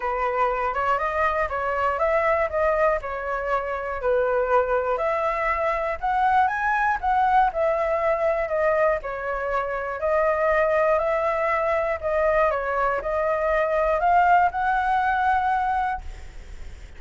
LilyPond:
\new Staff \with { instrumentName = "flute" } { \time 4/4 \tempo 4 = 120 b'4. cis''8 dis''4 cis''4 | e''4 dis''4 cis''2 | b'2 e''2 | fis''4 gis''4 fis''4 e''4~ |
e''4 dis''4 cis''2 | dis''2 e''2 | dis''4 cis''4 dis''2 | f''4 fis''2. | }